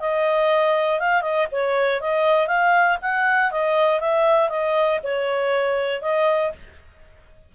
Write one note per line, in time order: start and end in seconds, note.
0.00 1.00 D#5
1.00 1.22 F5
1.22 1.47 D#5
1.52 2.01 C#5
2.01 2.47 D#5
2.47 2.98 F5
3.01 3.51 F#5
3.51 4.00 D#5
4.00 4.49 E5
4.49 5.00 D#5
5.03 6.02 C#5
6.02 6.52 D#5